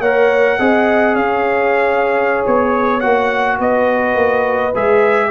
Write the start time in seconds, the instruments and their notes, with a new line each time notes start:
0.00 tuba A#3, trombone A#4, horn C#5, trumpet F#5
0.59 tuba C4, trombone G#4, horn D#5
1.15 tuba C#4, horn C#5, trumpet F5
2.47 tuba B3, trumpet C#5
3.00 tuba A#3, trombone F#4, trumpet F#5
3.59 tuba B3, horn B4, trumpet D#5
4.15 tuba A#3
4.75 tuba G#3, trombone G#4, trumpet E5